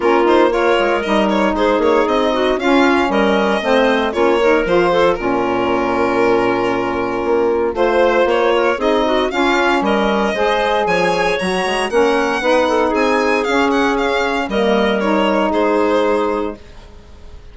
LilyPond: <<
  \new Staff \with { instrumentName = "violin" } { \time 4/4 \tempo 4 = 116 ais'8 c''8 cis''4 dis''8 cis''8 c''8 cis''8 | dis''4 f''4 dis''2 | cis''4 c''4 ais'2~ | ais'2. c''4 |
cis''4 dis''4 f''4 dis''4~ | dis''4 gis''4 ais''4 fis''4~ | fis''4 gis''4 f''8 fis''8 f''4 | dis''4 cis''4 c''2 | }
  \new Staff \with { instrumentName = "clarinet" } { \time 4/4 f'4 ais'2 gis'4~ | gis'8 fis'8 f'4 ais'4 c''4 | f'8 ais'4 a'8 f'2~ | f'2. c''4~ |
c''8 ais'8 gis'8 fis'8 f'4 ais'4 | c''4 cis''2 ais'4 | b'8 a'8 gis'2. | ais'2 gis'2 | }
  \new Staff \with { instrumentName = "saxophone" } { \time 4/4 cis'8 dis'8 f'4 dis'2~ | dis'4 cis'2 c'4 | cis'8 dis'8 f'4 cis'2~ | cis'2. f'4~ |
f'4 dis'4 cis'2 | gis'2 fis'4 cis'4 | dis'2 cis'2 | ais4 dis'2. | }
  \new Staff \with { instrumentName = "bassoon" } { \time 4/4 ais4. gis8 g4 gis8 ais8 | c'4 cis'4 g4 a4 | ais4 f4 ais,2~ | ais,2 ais4 a4 |
ais4 c'4 cis'4 g4 | gis4 f4 fis8 gis8 ais4 | b4 c'4 cis'2 | g2 gis2 | }
>>